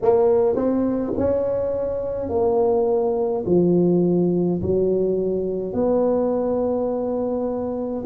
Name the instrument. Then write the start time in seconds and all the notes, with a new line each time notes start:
tuba
0.02 A#3
0.55 C4
1.17 C#4
2.29 A#3
3.46 F3
4.62 F#3
5.73 B3